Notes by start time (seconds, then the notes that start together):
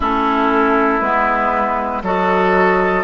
0.00 A3 C#4 E4 A4
1.00 G#3 B3 B4
2.02 F#3 F#4 A4 D#5